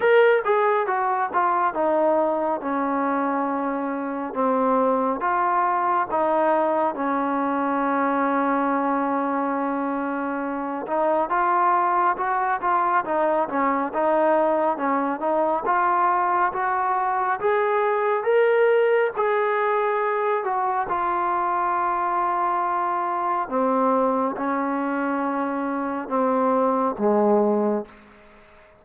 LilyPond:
\new Staff \with { instrumentName = "trombone" } { \time 4/4 \tempo 4 = 69 ais'8 gis'8 fis'8 f'8 dis'4 cis'4~ | cis'4 c'4 f'4 dis'4 | cis'1~ | cis'8 dis'8 f'4 fis'8 f'8 dis'8 cis'8 |
dis'4 cis'8 dis'8 f'4 fis'4 | gis'4 ais'4 gis'4. fis'8 | f'2. c'4 | cis'2 c'4 gis4 | }